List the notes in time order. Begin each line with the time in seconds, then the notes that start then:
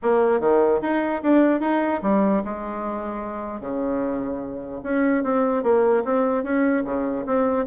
0.02 A#3
0.40 D#3
0.81 D#4
1.22 D4
1.60 D#4
2.02 G3
2.44 G#3
3.60 C#3
4.83 C#4
5.23 C4
5.63 A#3
6.04 C4
6.43 C#4
6.84 C#3
7.26 C4